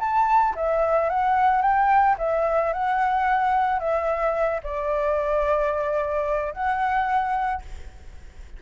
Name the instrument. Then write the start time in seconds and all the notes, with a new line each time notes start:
flute
0.00 A5
0.56 E5
1.10 F#5
1.62 G5
2.19 E5
2.73 F#5
3.80 E5
4.64 D5
6.53 F#5